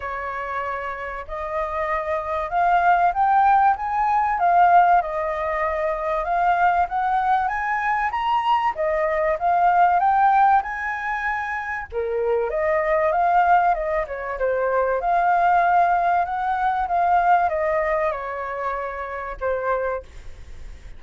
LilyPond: \new Staff \with { instrumentName = "flute" } { \time 4/4 \tempo 4 = 96 cis''2 dis''2 | f''4 g''4 gis''4 f''4 | dis''2 f''4 fis''4 | gis''4 ais''4 dis''4 f''4 |
g''4 gis''2 ais'4 | dis''4 f''4 dis''8 cis''8 c''4 | f''2 fis''4 f''4 | dis''4 cis''2 c''4 | }